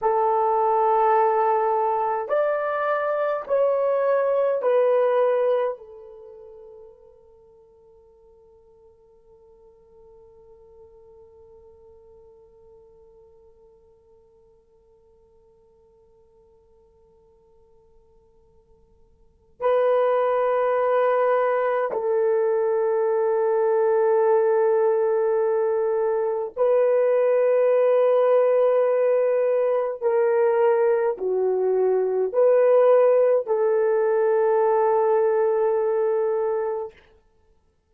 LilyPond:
\new Staff \with { instrumentName = "horn" } { \time 4/4 \tempo 4 = 52 a'2 d''4 cis''4 | b'4 a'2.~ | a'1~ | a'1~ |
a'4 b'2 a'4~ | a'2. b'4~ | b'2 ais'4 fis'4 | b'4 a'2. | }